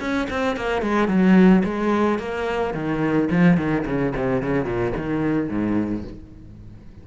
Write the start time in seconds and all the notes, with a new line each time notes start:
0.00 C#4
0.30 C4
0.56 A#3
0.82 G#3
1.08 F#3
1.65 G#3
2.19 A#3
2.74 D#3
3.31 F3
3.57 D#3
3.86 C#3
4.16 C3
4.42 C#3
4.65 A#2
4.97 D#3
5.49 G#2